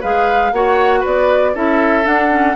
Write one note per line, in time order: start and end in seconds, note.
0.00 0.52 G#3
0.00 0.53 G#4
0.00 0.51 B4
0.00 0.53 F5
0.52 1.03 A#3
0.52 1.54 F#4
0.52 1.00 C#5
0.52 1.03 F#5
1.00 1.55 B3
1.00 1.51 B4
1.00 1.56 D5
1.54 2.05 C#4
1.54 2.03 E4
1.54 2.56 A4
1.54 2.06 E5
2.03 2.29 D4
2.03 2.56 D4
2.03 2.56 F#5
2.30 2.55 C#4